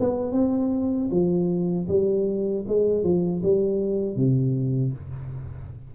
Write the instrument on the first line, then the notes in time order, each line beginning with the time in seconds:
tuba
0.00 B3
0.33 C4
1.11 F3
1.88 G3
2.68 G#3
3.03 F3
3.43 G3
4.16 C3